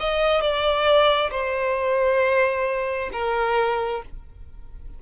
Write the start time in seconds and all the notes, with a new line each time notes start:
0.00 D#5
0.41 D5
1.31 C5
3.13 A#4